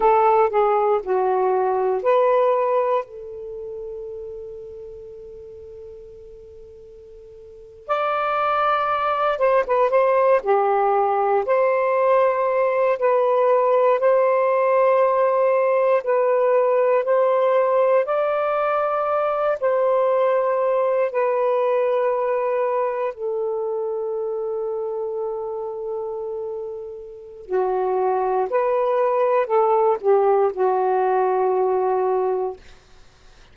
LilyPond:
\new Staff \with { instrumentName = "saxophone" } { \time 4/4 \tempo 4 = 59 a'8 gis'8 fis'4 b'4 a'4~ | a'2.~ a'8. d''16~ | d''4~ d''16 c''16 b'16 c''8 g'4 c''8.~ | c''8. b'4 c''2 b'16~ |
b'8. c''4 d''4. c''8.~ | c''8. b'2 a'4~ a'16~ | a'2. fis'4 | b'4 a'8 g'8 fis'2 | }